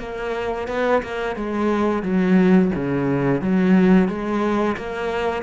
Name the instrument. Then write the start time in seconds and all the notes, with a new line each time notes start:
cello
0.00 A#3
0.68 B3
1.03 A#3
1.36 G#3
2.03 F#3
2.76 C#3
3.42 F#3
4.09 G#3
4.77 A#3